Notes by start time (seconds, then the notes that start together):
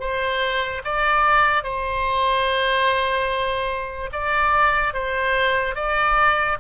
0.00 C5
0.85 D5
1.64 C5
4.13 D5
4.94 C5
5.76 D5